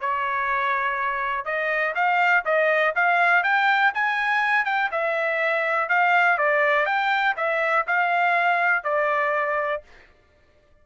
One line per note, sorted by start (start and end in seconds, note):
0.00 1.45 C#5
1.45 1.94 D#5
1.95 2.44 F5
2.45 2.94 D#5
2.95 3.43 F5
3.43 3.92 G5
3.94 4.65 G#5
4.65 4.90 G5
4.91 5.89 E5
5.89 6.38 F5
6.38 6.86 D5
6.86 7.35 G5
7.36 7.85 E5
7.87 8.83 F5
8.83 9.82 D5